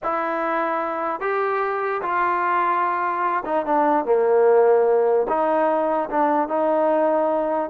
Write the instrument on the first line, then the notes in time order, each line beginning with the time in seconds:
trombone
0.03 E4
1.20 G4
2.01 F4
3.45 D#4
3.65 D4
4.05 A#3
5.28 D#4
6.10 D4
6.48 D#4